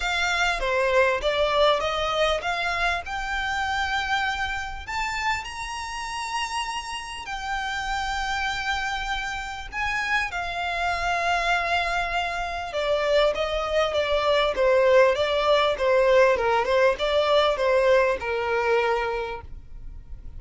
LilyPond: \new Staff \with { instrumentName = "violin" } { \time 4/4 \tempo 4 = 99 f''4 c''4 d''4 dis''4 | f''4 g''2. | a''4 ais''2. | g''1 |
gis''4 f''2.~ | f''4 d''4 dis''4 d''4 | c''4 d''4 c''4 ais'8 c''8 | d''4 c''4 ais'2 | }